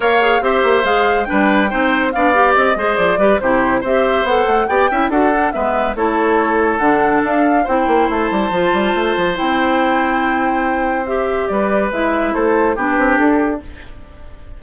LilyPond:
<<
  \new Staff \with { instrumentName = "flute" } { \time 4/4 \tempo 4 = 141 f''4 e''4 f''4 g''4~ | g''4 f''4 dis''4 d''4 | c''4 e''4 fis''4 g''4 | fis''4 e''4 cis''2 |
fis''4 f''4 g''4 a''4~ | a''2 g''2~ | g''2 e''4 d''4 | e''4 c''4 b'4 a'4 | }
  \new Staff \with { instrumentName = "oboe" } { \time 4/4 cis''4 c''2 b'4 | c''4 d''4. c''4 b'8 | g'4 c''2 d''8 e''8 | a'4 b'4 a'2~ |
a'2 c''2~ | c''1~ | c''2. b'4~ | b'4 a'4 g'2 | }
  \new Staff \with { instrumentName = "clarinet" } { \time 4/4 ais'8 gis'8 g'4 gis'4 d'4 | dis'4 d'8 g'4 gis'4 g'8 | e'4 g'4 a'4 g'8 e'8 | fis'8 d'8 b4 e'2 |
d'2 e'2 | f'2 e'2~ | e'2 g'2 | e'2 d'2 | }
  \new Staff \with { instrumentName = "bassoon" } { \time 4/4 ais4 c'8 ais8 gis4 g4 | c'4 b4 c'8 gis8 f8 g8 | c4 c'4 b8 a8 b8 cis'8 | d'4 gis4 a2 |
d4 d'4 c'8 ais8 a8 g8 | f8 g8 a8 f8 c'2~ | c'2. g4 | gis4 a4 b8 c'8 d'4 | }
>>